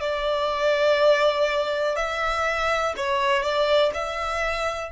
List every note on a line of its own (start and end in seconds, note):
0.00 1.96 D5
1.96 2.94 E5
2.97 3.43 C#5
3.43 3.92 D5
3.94 4.92 E5